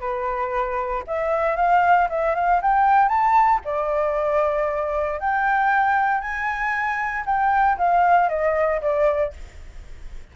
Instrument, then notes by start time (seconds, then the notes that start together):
flute
0.00 B4
1.07 E5
1.56 F5
2.09 E5
2.35 F5
2.62 G5
3.08 A5
3.64 D5
5.20 G5
6.21 G#5
7.26 G5
7.78 F5
8.29 D#5
8.81 D5